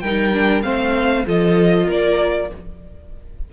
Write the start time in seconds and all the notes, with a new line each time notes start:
0.00 G3 D#4 A#4 G5
0.33 D4
0.63 A3 C4 C5 F5
1.26 F3 F4 A4 D#5
1.86 A#3 A#4 D5